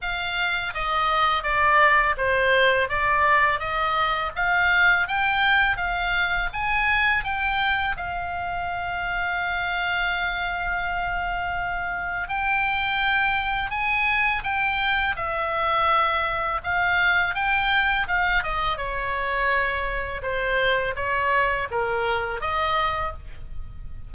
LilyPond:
\new Staff \with { instrumentName = "oboe" } { \time 4/4 \tempo 4 = 83 f''4 dis''4 d''4 c''4 | d''4 dis''4 f''4 g''4 | f''4 gis''4 g''4 f''4~ | f''1~ |
f''4 g''2 gis''4 | g''4 e''2 f''4 | g''4 f''8 dis''8 cis''2 | c''4 cis''4 ais'4 dis''4 | }